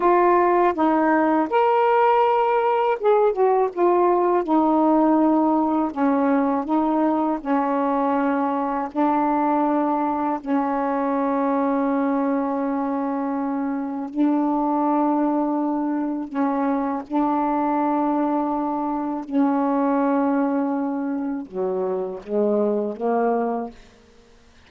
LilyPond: \new Staff \with { instrumentName = "saxophone" } { \time 4/4 \tempo 4 = 81 f'4 dis'4 ais'2 | gis'8 fis'8 f'4 dis'2 | cis'4 dis'4 cis'2 | d'2 cis'2~ |
cis'2. d'4~ | d'2 cis'4 d'4~ | d'2 cis'2~ | cis'4 fis4 gis4 ais4 | }